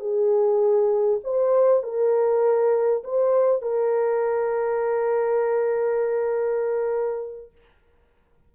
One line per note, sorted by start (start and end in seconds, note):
0.00 1.20 G#4
1.24 1.84 C5
1.84 3.04 A#4
3.04 3.62 C5
3.62 7.52 A#4